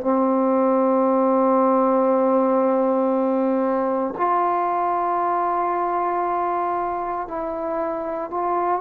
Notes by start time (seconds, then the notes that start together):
0.00 C4
4.17 F4
7.27 E4
8.30 F4